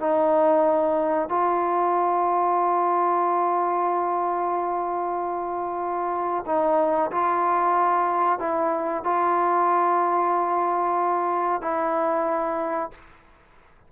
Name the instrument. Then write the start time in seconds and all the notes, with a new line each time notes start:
trombone
0.00 D#4
1.29 F4
6.46 D#4
7.12 F4
8.40 E4
9.04 F4
11.62 E4